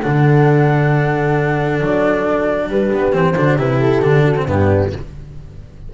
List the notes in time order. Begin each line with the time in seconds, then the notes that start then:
0.00 D3 D4 A4 F#5
1.81 F#3 D5
2.70 G3 G4 B4
2.92 B3
3.13 E3 C4 C5
3.35 D3 D4 F#4
3.57 C3 E4 G4 B4
3.80 A4
4.03 D3 D4
4.25 F#4
4.37 C4
4.46 G2 B3 D4 G4